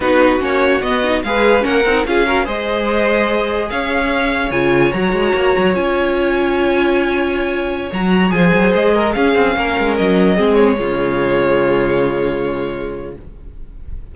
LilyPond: <<
  \new Staff \with { instrumentName = "violin" } { \time 4/4 \tempo 4 = 146 b'4 cis''4 dis''4 f''4 | fis''4 f''4 dis''2~ | dis''4 f''2 gis''4 | ais''2 gis''2~ |
gis''2.~ gis''16 ais''8.~ | ais''16 gis''4 dis''4 f''4.~ f''16~ | f''16 dis''4. cis''2~ cis''16~ | cis''1 | }
  \new Staff \with { instrumentName = "violin" } { \time 4/4 fis'2. b'4 | ais'4 gis'8 ais'8 c''2~ | c''4 cis''2.~ | cis''1~ |
cis''1~ | cis''16 c''4. ais'8 gis'4 ais'8.~ | ais'4~ ais'16 gis'4 f'4.~ f'16~ | f'1 | }
  \new Staff \with { instrumentName = "viola" } { \time 4/4 dis'4 cis'4 b8 dis'8 gis'4 | cis'8 dis'8 f'8 fis'8 gis'2~ | gis'2. f'4 | fis'2 f'2~ |
f'2.~ f'16 fis'8.~ | fis'16 gis'2 cis'4.~ cis'16~ | cis'4~ cis'16 c'4 gis4.~ gis16~ | gis1 | }
  \new Staff \with { instrumentName = "cello" } { \time 4/4 b4 ais4 b4 gis4 | ais8 c'8 cis'4 gis2~ | gis4 cis'2 cis4 | fis8 gis8 ais8 fis8 cis'2~ |
cis'2.~ cis'16 fis8.~ | fis16 f8 fis8 gis4 cis'8 c'8 ais8 gis16~ | gis16 fis4 gis4 cis4.~ cis16~ | cis1 | }
>>